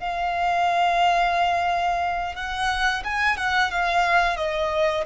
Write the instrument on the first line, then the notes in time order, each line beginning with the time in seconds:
violin
0.00 F5
2.36 F#5
3.04 G#5
3.37 F#5
3.71 F5
4.37 D#5